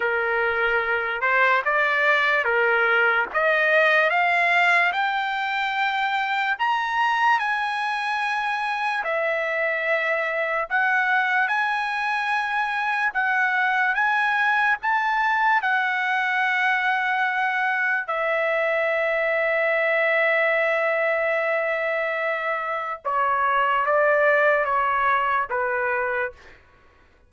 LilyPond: \new Staff \with { instrumentName = "trumpet" } { \time 4/4 \tempo 4 = 73 ais'4. c''8 d''4 ais'4 | dis''4 f''4 g''2 | ais''4 gis''2 e''4~ | e''4 fis''4 gis''2 |
fis''4 gis''4 a''4 fis''4~ | fis''2 e''2~ | e''1 | cis''4 d''4 cis''4 b'4 | }